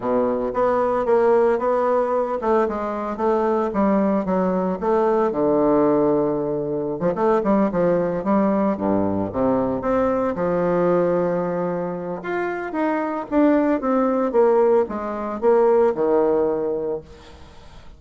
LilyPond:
\new Staff \with { instrumentName = "bassoon" } { \time 4/4 \tempo 4 = 113 b,4 b4 ais4 b4~ | b8 a8 gis4 a4 g4 | fis4 a4 d2~ | d4~ d16 f16 a8 g8 f4 g8~ |
g8 g,4 c4 c'4 f8~ | f2. f'4 | dis'4 d'4 c'4 ais4 | gis4 ais4 dis2 | }